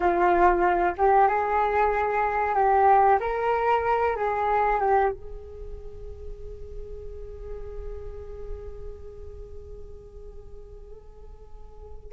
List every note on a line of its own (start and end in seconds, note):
0.00 0.94 F4
0.97 1.28 G4
1.28 2.54 G#4
2.54 3.18 G4
3.20 4.15 A#4
4.16 4.80 G#4
4.80 5.11 G4
5.11 12.12 G#4